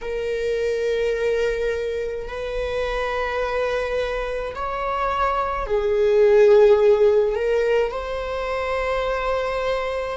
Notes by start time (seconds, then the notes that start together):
0.01 A#4
2.27 B4
4.55 C#5
5.66 G#4
7.35 A#4
7.91 C5